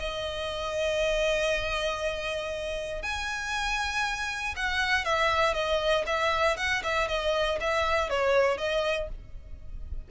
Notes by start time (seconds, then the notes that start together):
0.00 D#5
3.03 G#5
4.57 F#5
5.05 E5
5.55 D#5
6.07 E5
6.58 F#5
6.84 E5
7.08 D#5
7.61 E5
8.10 C#5
8.58 D#5